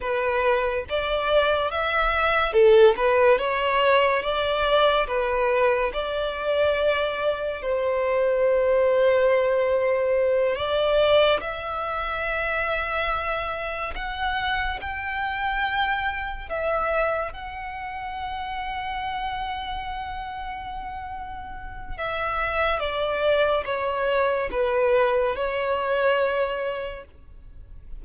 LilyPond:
\new Staff \with { instrumentName = "violin" } { \time 4/4 \tempo 4 = 71 b'4 d''4 e''4 a'8 b'8 | cis''4 d''4 b'4 d''4~ | d''4 c''2.~ | c''8 d''4 e''2~ e''8~ |
e''8 fis''4 g''2 e''8~ | e''8 fis''2.~ fis''8~ | fis''2 e''4 d''4 | cis''4 b'4 cis''2 | }